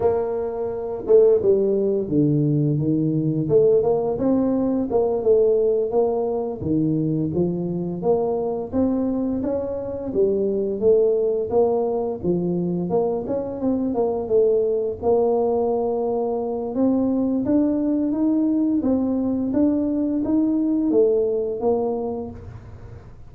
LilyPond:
\new Staff \with { instrumentName = "tuba" } { \time 4/4 \tempo 4 = 86 ais4. a8 g4 d4 | dis4 a8 ais8 c'4 ais8 a8~ | a8 ais4 dis4 f4 ais8~ | ais8 c'4 cis'4 g4 a8~ |
a8 ais4 f4 ais8 cis'8 c'8 | ais8 a4 ais2~ ais8 | c'4 d'4 dis'4 c'4 | d'4 dis'4 a4 ais4 | }